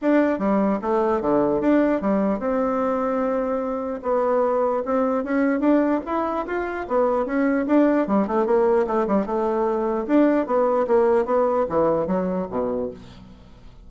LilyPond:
\new Staff \with { instrumentName = "bassoon" } { \time 4/4 \tempo 4 = 149 d'4 g4 a4 d4 | d'4 g4 c'2~ | c'2 b2 | c'4 cis'4 d'4 e'4 |
f'4 b4 cis'4 d'4 | g8 a8 ais4 a8 g8 a4~ | a4 d'4 b4 ais4 | b4 e4 fis4 b,4 | }